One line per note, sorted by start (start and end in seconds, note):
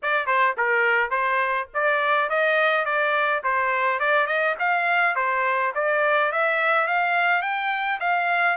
0.02 0.26 D5
0.26 0.55 C5
0.57 1.10 A#4
1.10 1.67 C5
1.74 2.29 D5
2.29 2.85 D#5
2.85 3.42 D5
3.43 3.99 C5
3.99 4.26 D5
4.26 4.55 D#5
4.59 5.15 F5
5.15 5.72 C5
5.74 6.31 D5
6.32 6.87 E5
6.87 7.42 F5
7.42 7.99 G5
8.00 8.57 F5